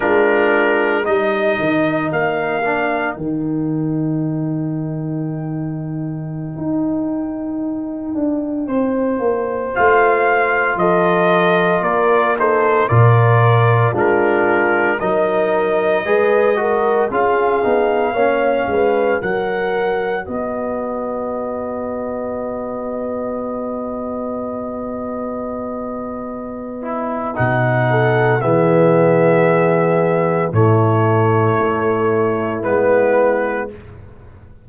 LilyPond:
<<
  \new Staff \with { instrumentName = "trumpet" } { \time 4/4 \tempo 4 = 57 ais'4 dis''4 f''4 g''4~ | g''1~ | g''4~ g''16 f''4 dis''4 d''8 c''16~ | c''16 d''4 ais'4 dis''4.~ dis''16~ |
dis''16 f''2 fis''4 dis''8.~ | dis''1~ | dis''2 fis''4 e''4~ | e''4 cis''2 b'4 | }
  \new Staff \with { instrumentName = "horn" } { \time 4/4 f'4 ais'2.~ | ais'1~ | ais'16 c''2 a'4 ais'8 a'16~ | a'16 ais'4 f'4 ais'4 b'8 ais'16~ |
ais'16 gis'4 cis''8 b'8 ais'4 b'8.~ | b'1~ | b'2~ b'8 a'8 gis'4~ | gis'4 e'2. | }
  \new Staff \with { instrumentName = "trombone" } { \time 4/4 d'4 dis'4. d'8 dis'4~ | dis'1~ | dis'4~ dis'16 f'2~ f'8 dis'16~ | dis'16 f'4 d'4 dis'4 gis'8 fis'16~ |
fis'16 f'8 dis'8 cis'4 fis'4.~ fis'16~ | fis'1~ | fis'4. e'8 dis'4 b4~ | b4 a2 b4 | }
  \new Staff \with { instrumentName = "tuba" } { \time 4/4 gis4 g8 dis8 ais4 dis4~ | dis2~ dis16 dis'4. d'16~ | d'16 c'8 ais8 a4 f4 ais8.~ | ais16 ais,4 gis4 fis4 gis8.~ |
gis16 cis'8 b8 ais8 gis8 fis4 b8.~ | b1~ | b2 b,4 e4~ | e4 a,4 a4 gis4 | }
>>